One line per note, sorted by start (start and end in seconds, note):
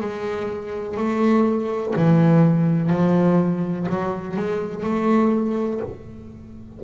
0.00 0.97 G#3
0.97 1.94 A3
1.96 2.89 E3
2.89 3.86 F3
3.88 4.36 F#3
4.36 4.83 G#3
4.83 5.80 A3